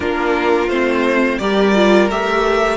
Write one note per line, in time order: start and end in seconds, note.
0.00 0.68 A#3
0.00 0.69 D4
0.00 1.39 F4
0.00 0.69 A#4
0.68 1.38 A3
0.68 1.40 C4
0.68 1.38 C5
1.38 2.09 G3
1.38 1.75 G4
1.38 2.76 A#4
1.38 2.08 D5
1.75 2.10 F4
2.09 2.76 A3
2.09 2.76 G4
2.09 2.76 E5